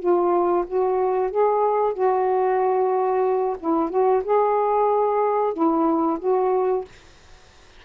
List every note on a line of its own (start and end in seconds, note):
0.00 0.65 F4
0.67 1.31 F#4
1.31 1.94 G#4
1.94 3.57 F#4
3.60 3.90 E4
3.90 4.23 F#4
4.24 5.54 G#4
5.54 6.19 E4
6.20 6.85 F#4